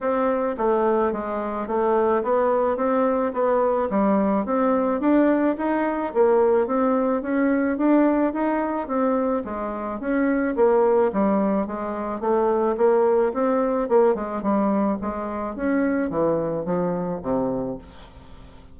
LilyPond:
\new Staff \with { instrumentName = "bassoon" } { \time 4/4 \tempo 4 = 108 c'4 a4 gis4 a4 | b4 c'4 b4 g4 | c'4 d'4 dis'4 ais4 | c'4 cis'4 d'4 dis'4 |
c'4 gis4 cis'4 ais4 | g4 gis4 a4 ais4 | c'4 ais8 gis8 g4 gis4 | cis'4 e4 f4 c4 | }